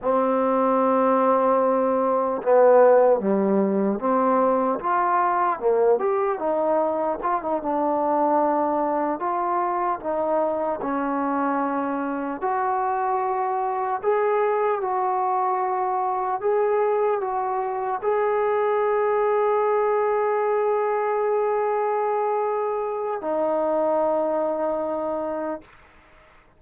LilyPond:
\new Staff \with { instrumentName = "trombone" } { \time 4/4 \tempo 4 = 75 c'2. b4 | g4 c'4 f'4 ais8 g'8 | dis'4 f'16 dis'16 d'2 f'8~ | f'8 dis'4 cis'2 fis'8~ |
fis'4. gis'4 fis'4.~ | fis'8 gis'4 fis'4 gis'4.~ | gis'1~ | gis'4 dis'2. | }